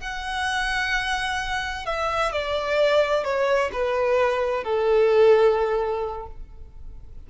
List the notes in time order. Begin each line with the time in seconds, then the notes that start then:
0.00 F#5
1.86 E5
2.32 D5
3.24 C#5
3.72 B4
4.64 A4